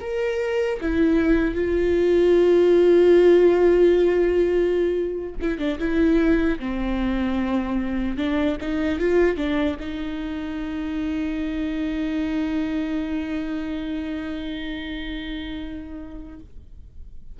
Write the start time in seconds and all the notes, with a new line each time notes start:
0.00 A#4
0.80 E4
1.55 F4
5.41 E4
5.58 D4
5.79 E4
6.59 C4
8.17 D4
8.61 D#4
8.99 F4
9.36 D4
9.80 D#4